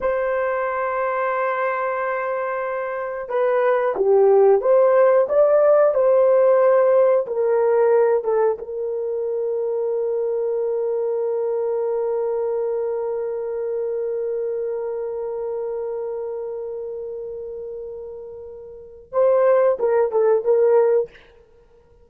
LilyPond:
\new Staff \with { instrumentName = "horn" } { \time 4/4 \tempo 4 = 91 c''1~ | c''4 b'4 g'4 c''4 | d''4 c''2 ais'4~ | ais'8 a'8 ais'2.~ |
ais'1~ | ais'1~ | ais'1~ | ais'4 c''4 ais'8 a'8 ais'4 | }